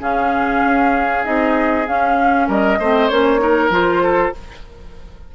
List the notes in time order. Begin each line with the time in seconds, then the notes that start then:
0.00 C#3 C#4 G#4 F5
0.65 C#4
1.24 C4 D#4 D#5
1.87 C#4 F5
2.48 G3 A#4 D#5
2.79 A3 C4 C5
3.09 A#3 C#4 C#5
3.39 D#4 A#4
3.70 F3 F4 C5
4.03 A4